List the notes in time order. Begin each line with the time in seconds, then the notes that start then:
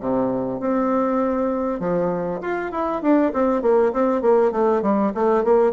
0.00 C3
0.60 C4
1.80 F3
2.42 F4
2.72 E4
3.02 D4
3.33 C4
3.62 A#3
3.93 C4
4.22 A#3
4.52 A3
4.82 G3
5.15 A3
5.44 A#3